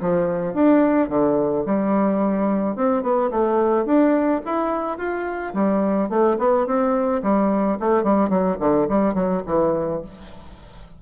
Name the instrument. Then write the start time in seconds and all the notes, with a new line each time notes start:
bassoon
0.00 F3
0.53 D4
1.08 D3
1.65 G3
2.75 C4
3.02 B3
3.30 A3
3.85 D4
4.45 E4
4.97 F4
5.54 G3
6.09 A3
6.38 B3
6.66 C4
7.22 G3
7.79 A3
8.03 G3
8.29 F#3
8.59 D3
8.88 G3
9.14 F#3
9.46 E3